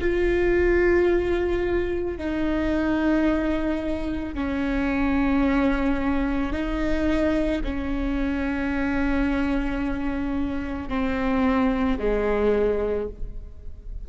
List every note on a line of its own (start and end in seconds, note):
0.00 2.18 F4
2.18 4.34 D#4
4.34 6.52 C#4
6.52 7.61 D#4
7.64 10.89 C#4
10.89 11.98 C4
11.99 13.08 G#3